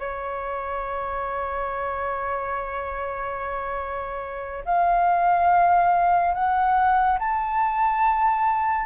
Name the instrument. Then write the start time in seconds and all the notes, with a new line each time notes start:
flute
0.00 C#5
4.66 F5
6.35 F#5
7.19 A5